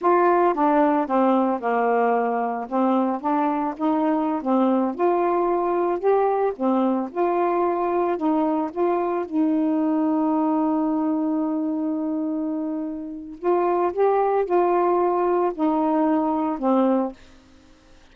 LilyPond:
\new Staff \with { instrumentName = "saxophone" } { \time 4/4 \tempo 4 = 112 f'4 d'4 c'4 ais4~ | ais4 c'4 d'4 dis'4~ | dis'16 c'4 f'2 g'8.~ | g'16 c'4 f'2 dis'8.~ |
dis'16 f'4 dis'2~ dis'8.~ | dis'1~ | dis'4 f'4 g'4 f'4~ | f'4 dis'2 c'4 | }